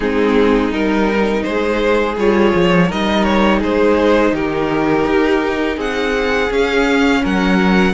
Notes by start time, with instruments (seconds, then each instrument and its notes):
0.00 cello G#3, viola C4, violin D#4 G#4
0.71 cello G3, viola D#4, violin A#4
1.42 cello G#3, violin G#4 C5
2.16 cello G3, viola F4, violin C#5
2.55 cello F3
2.88 cello G3, viola D#4, violin A#4 D#5
3.23 violin C#5
3.60 cello G#3, violin G#4 C5
4.32 cello D#3, violin G4 A#4
5.06 cello D#4
5.76 cello C4, violin G#4 F#5
6.50 cello C#4, viola C#4, violin F5
7.22 cello F#3, violin A#4 F#5